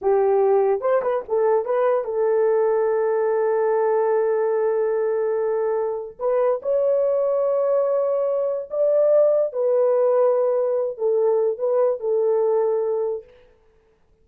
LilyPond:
\new Staff \with { instrumentName = "horn" } { \time 4/4 \tempo 4 = 145 g'2 c''8 b'8 a'4 | b'4 a'2.~ | a'1~ | a'2. b'4 |
cis''1~ | cis''4 d''2 b'4~ | b'2~ b'8 a'4. | b'4 a'2. | }